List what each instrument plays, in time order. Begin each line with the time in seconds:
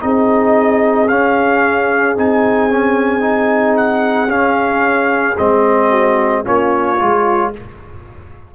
0.00 tuba C4, trombone D#4, horn G#4, trumpet D#5
1.08 tuba C#4, trombone C#4, trumpet F5
2.17 tuba C4, trombone D#4, trumpet G#5
2.69 trombone C#4
3.21 trombone D#4
3.77 trumpet F#5
4.28 tuba C#4, trombone C#4, trumpet F5
5.37 tuba G#3, trombone C4, trumpet D#5
5.89 horn F#4
6.44 tuba A#3, trombone C#4, horn F4, trumpet C#5
6.99 tuba G#3, trombone F4